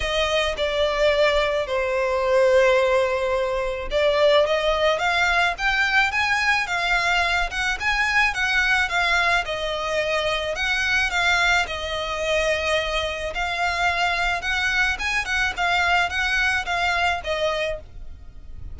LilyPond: \new Staff \with { instrumentName = "violin" } { \time 4/4 \tempo 4 = 108 dis''4 d''2 c''4~ | c''2. d''4 | dis''4 f''4 g''4 gis''4 | f''4. fis''8 gis''4 fis''4 |
f''4 dis''2 fis''4 | f''4 dis''2. | f''2 fis''4 gis''8 fis''8 | f''4 fis''4 f''4 dis''4 | }